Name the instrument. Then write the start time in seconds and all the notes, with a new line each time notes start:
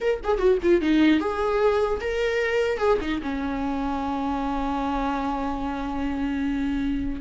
viola
0.00 A#4
0.23 G#4
0.38 F#4
0.62 F4
0.81 D#4
1.20 G#4
2.00 A#4
2.78 G#4
3.01 D#4
3.22 C#4